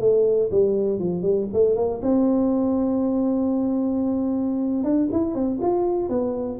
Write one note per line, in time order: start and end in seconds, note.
0.00 0.50 A3
0.51 0.99 G3
0.99 1.22 F3
1.22 1.47 G3
1.53 1.76 A3
1.76 2.00 A#3
2.02 4.84 C4
4.84 5.08 D4
5.12 5.35 E4
5.35 5.59 C4
5.61 6.09 F4
6.09 6.58 B3